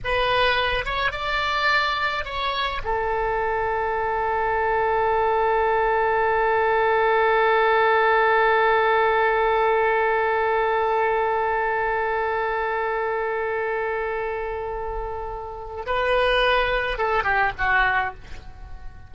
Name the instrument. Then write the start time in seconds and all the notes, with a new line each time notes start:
oboe
0.04 B4
0.85 C#5
1.11 D5
2.24 C#5
2.84 A4
15.85 B4
16.98 A4
17.23 G4
17.58 F#4